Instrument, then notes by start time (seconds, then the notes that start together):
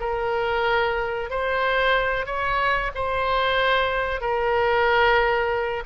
oboe
0.00 A#4
1.30 C5
2.26 C#5
2.95 C5
4.20 A#4